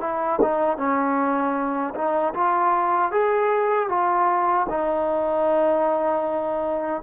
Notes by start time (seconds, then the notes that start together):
0.00 E4
0.41 D#4
0.77 C#4
1.94 D#4
2.33 F4
3.11 G#4
3.89 F4
4.69 D#4